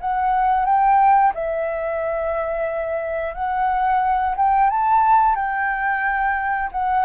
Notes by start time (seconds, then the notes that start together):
0.00 F#5
0.65 G5
1.34 E5
3.34 F#5
4.36 G5
4.69 A5
5.35 G5
6.72 F#5